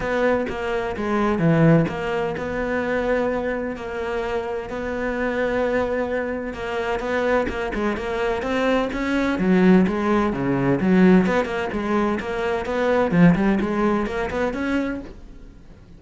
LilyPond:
\new Staff \with { instrumentName = "cello" } { \time 4/4 \tempo 4 = 128 b4 ais4 gis4 e4 | ais4 b2. | ais2 b2~ | b2 ais4 b4 |
ais8 gis8 ais4 c'4 cis'4 | fis4 gis4 cis4 fis4 | b8 ais8 gis4 ais4 b4 | f8 g8 gis4 ais8 b8 cis'4 | }